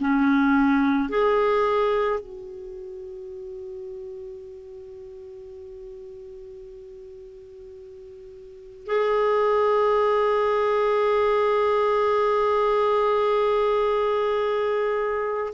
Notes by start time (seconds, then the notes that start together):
0.00 C#4
1.09 G#4
2.20 F#4
8.86 G#4